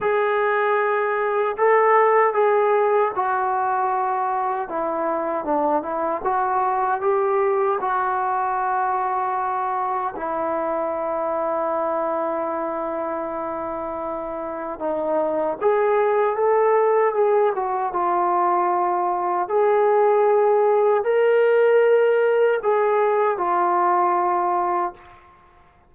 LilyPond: \new Staff \with { instrumentName = "trombone" } { \time 4/4 \tempo 4 = 77 gis'2 a'4 gis'4 | fis'2 e'4 d'8 e'8 | fis'4 g'4 fis'2~ | fis'4 e'2.~ |
e'2. dis'4 | gis'4 a'4 gis'8 fis'8 f'4~ | f'4 gis'2 ais'4~ | ais'4 gis'4 f'2 | }